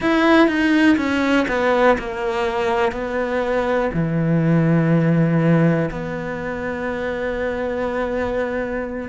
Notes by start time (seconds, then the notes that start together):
0.00 E4
0.47 D#4
0.97 C#4
1.48 B3
1.98 A#3
2.92 B3
3.93 E3
5.91 B3